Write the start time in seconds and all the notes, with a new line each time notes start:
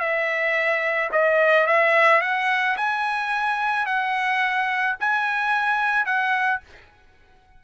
0.00 E5
1.12 D#5
1.67 E5
2.22 F#5
2.77 G#5
3.86 F#5
5.00 G#5
6.06 F#5